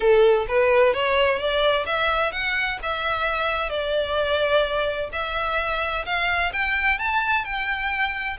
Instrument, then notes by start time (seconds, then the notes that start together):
violin
0.00 A4
0.48 B4
0.93 C#5
1.38 D5
1.86 E5
2.32 F#5
2.82 E5
3.69 D5
5.12 E5
6.05 F5
6.52 G5
6.98 A5
7.44 G5